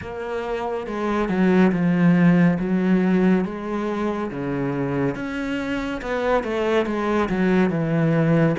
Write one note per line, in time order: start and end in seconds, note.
0.01 0.86 A#3
0.86 1.28 G#3
1.28 1.71 F#3
1.72 2.58 F3
2.59 3.44 F#3
3.44 4.30 G#3
4.31 5.15 C#3
5.15 6.01 C#4
6.01 6.43 B3
6.43 6.86 A3
6.86 7.29 G#3
7.29 7.69 F#3
7.69 8.55 E3